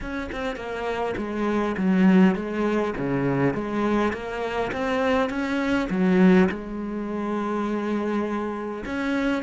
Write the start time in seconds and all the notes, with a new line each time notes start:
0.00 C#4
0.32 C4
0.56 A#3
1.17 G#3
1.77 F#3
2.35 G#3
2.97 C#3
3.54 G#3
4.12 A#3
4.72 C4
5.29 C#4
5.90 F#3
6.49 G#3
8.85 C#4